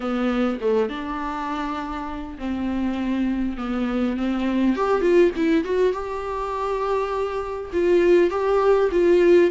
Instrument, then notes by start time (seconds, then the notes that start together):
viola
0.00 B3
0.60 A3
0.89 D4
2.38 C4
3.57 B3
4.16 C4
4.76 G4
5.01 F4
5.36 E4
5.64 F#4
5.92 G4
7.72 F4
8.30 G4
8.91 F4